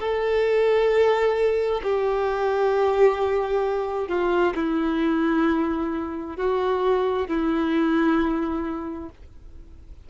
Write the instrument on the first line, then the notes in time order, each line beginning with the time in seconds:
violin
0.00 A4
1.83 G4
4.08 F4
4.55 E4
6.37 F#4
7.28 E4